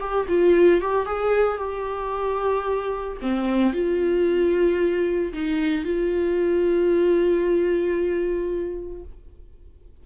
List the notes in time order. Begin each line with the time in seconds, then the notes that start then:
0.00 G4
0.29 F4
0.81 G4
1.06 G#4
1.58 G4
3.22 C4
3.74 F4
5.33 D#4
5.85 F4